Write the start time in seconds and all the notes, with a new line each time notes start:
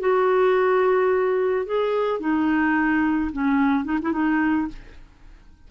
0.00 F#4
1.66 G#4
2.20 D#4
3.33 C#4
3.85 D#4
4.02 E4
4.12 D#4